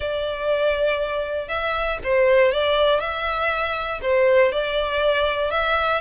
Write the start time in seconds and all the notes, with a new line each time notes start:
0.00 D5
1.48 E5
2.03 C5
2.52 D5
3.00 E5
4.01 C5
4.52 D5
5.50 E5